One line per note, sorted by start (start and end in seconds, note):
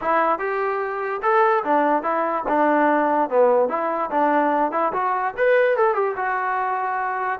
0.01 0.38 E4
0.38 1.21 G4
1.22 1.63 A4
1.64 2.02 D4
2.02 2.43 E4
2.48 3.29 D4
3.29 3.69 B3
3.69 4.10 E4
4.10 4.71 D4
4.71 4.92 E4
4.93 5.34 F#4
5.37 5.76 B4
5.76 5.94 A4
5.94 6.15 G4
6.16 7.39 F#4